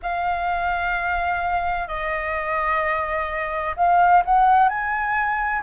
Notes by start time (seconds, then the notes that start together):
0.02 F5
1.87 D#5
3.76 F5
4.24 F#5
4.68 G#5